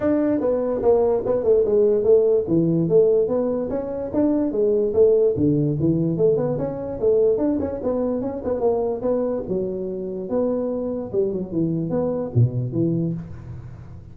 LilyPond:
\new Staff \with { instrumentName = "tuba" } { \time 4/4 \tempo 4 = 146 d'4 b4 ais4 b8 a8 | gis4 a4 e4 a4 | b4 cis'4 d'4 gis4 | a4 d4 e4 a8 b8 |
cis'4 a4 d'8 cis'8 b4 | cis'8 b8 ais4 b4 fis4~ | fis4 b2 g8 fis8 | e4 b4 b,4 e4 | }